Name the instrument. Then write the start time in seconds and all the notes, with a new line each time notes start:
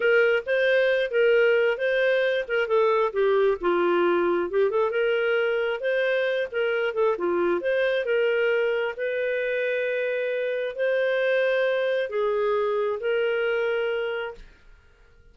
clarinet
0.00 A#4
0.45 C5
1.11 A#4
1.77 C5
2.47 A#4
2.67 A4
3.12 G4
3.60 F4
4.50 G4
4.70 A4
4.90 A#4
5.80 C5
6.51 A#4
6.94 A4
7.18 F4
7.60 C5
8.05 A#4
8.96 B4
10.75 C5
12.09 G#4
13.00 A#4